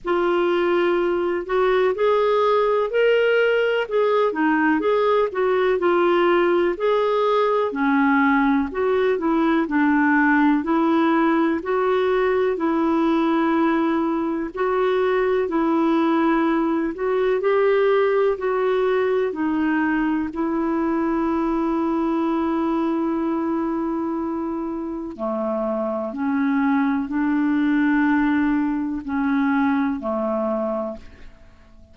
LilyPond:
\new Staff \with { instrumentName = "clarinet" } { \time 4/4 \tempo 4 = 62 f'4. fis'8 gis'4 ais'4 | gis'8 dis'8 gis'8 fis'8 f'4 gis'4 | cis'4 fis'8 e'8 d'4 e'4 | fis'4 e'2 fis'4 |
e'4. fis'8 g'4 fis'4 | dis'4 e'2.~ | e'2 a4 cis'4 | d'2 cis'4 a4 | }